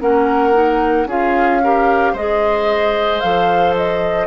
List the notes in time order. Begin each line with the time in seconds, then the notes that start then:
0.00 A#3 C#4 A#4 F#5
0.53 D#4
1.06 C#4 F4 G#4 F5
1.63 G4 A#4
2.13 G#3 G#4 C5 D#5
3.20 F3 A4 F5
3.76 D#5